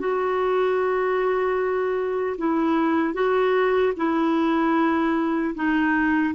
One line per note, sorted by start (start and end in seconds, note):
0.00 2.37 F#4
2.38 3.14 E4
3.14 3.93 F#4
3.97 5.55 E4
5.56 6.34 D#4